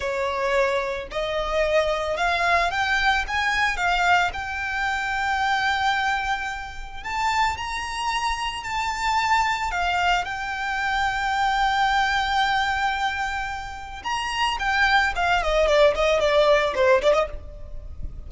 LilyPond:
\new Staff \with { instrumentName = "violin" } { \time 4/4 \tempo 4 = 111 cis''2 dis''2 | f''4 g''4 gis''4 f''4 | g''1~ | g''4 a''4 ais''2 |
a''2 f''4 g''4~ | g''1~ | g''2 ais''4 g''4 | f''8 dis''8 d''8 dis''8 d''4 c''8 d''16 dis''16 | }